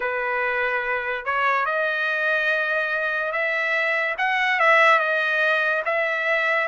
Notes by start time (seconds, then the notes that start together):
0.00 B4
1.25 C#5
1.65 D#5
3.31 E5
4.18 F#5
4.59 E5
4.99 D#5
5.85 E5